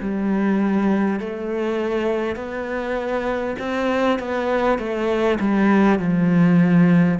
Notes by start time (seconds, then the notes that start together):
0.00 G3
1.20 A3
2.36 B3
3.59 C4
4.19 B3
4.79 A3
5.39 G3
5.99 F3